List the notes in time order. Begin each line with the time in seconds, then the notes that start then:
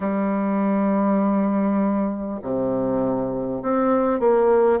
0.00 G3
2.42 C3
3.62 C4
4.19 A#3